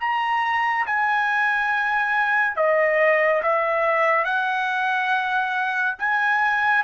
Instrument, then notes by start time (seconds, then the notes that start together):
trumpet
0.00 A#5
0.86 G#5
2.56 D#5
3.42 E5
4.25 F#5
5.98 G#5